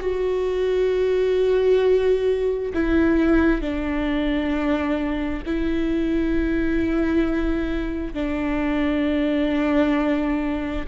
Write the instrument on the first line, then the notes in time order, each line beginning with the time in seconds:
viola
0.00 F#4
2.74 E4
3.61 D4
5.45 E4
8.14 D4